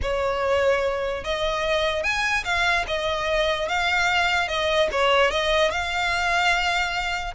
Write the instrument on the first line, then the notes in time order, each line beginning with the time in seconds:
violin
0.02 C#5
1.24 D#5
2.03 G#5
2.44 F5
2.87 D#5
3.68 F5
4.48 D#5
4.91 C#5
5.31 D#5
5.70 F5